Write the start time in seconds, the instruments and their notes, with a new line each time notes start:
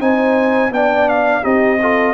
0.00 tuba C4, trombone D#4, horn C5, trumpet G#5
0.70 tuba B3, trombone D4, horn D5, trumpet G5
1.09 trumpet F5
1.42 tuba C4, trombone D#4, horn G4, trumpet D#5
1.81 trombone F4, horn A4